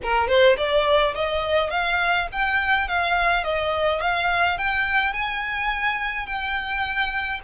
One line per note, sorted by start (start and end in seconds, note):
0.03 0.28 A#4
0.28 0.56 C5
0.57 1.14 D5
1.14 1.70 D#5
1.70 2.27 F5
2.32 2.88 G5
2.88 3.44 F5
3.44 4.00 D#5
4.00 4.57 F5
4.58 5.13 G5
5.13 6.26 G#5
6.26 7.40 G5